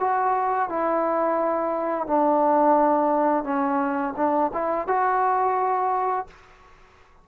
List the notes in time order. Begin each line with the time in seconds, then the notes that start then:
0.00 F#4
0.69 E4
2.07 D4
3.44 C#4
4.17 D4
4.53 E4
4.87 F#4